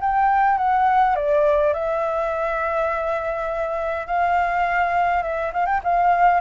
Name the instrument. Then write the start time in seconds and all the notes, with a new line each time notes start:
flute
0.00 G5
0.57 F#5
1.15 D5
1.73 E5
4.07 F5
5.23 E5
5.53 F5
5.66 G5
5.83 F5